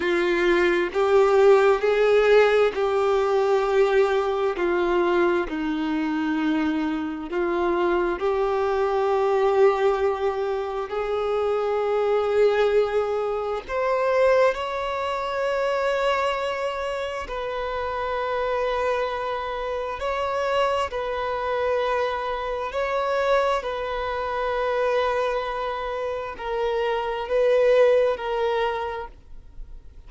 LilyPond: \new Staff \with { instrumentName = "violin" } { \time 4/4 \tempo 4 = 66 f'4 g'4 gis'4 g'4~ | g'4 f'4 dis'2 | f'4 g'2. | gis'2. c''4 |
cis''2. b'4~ | b'2 cis''4 b'4~ | b'4 cis''4 b'2~ | b'4 ais'4 b'4 ais'4 | }